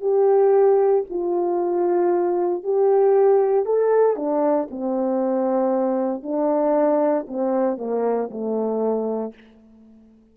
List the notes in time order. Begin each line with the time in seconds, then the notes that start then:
0.00 G4
1.09 F4
2.63 G4
3.65 A4
4.16 D4
4.70 C4
6.23 D4
7.27 C4
7.77 A#3
8.30 A3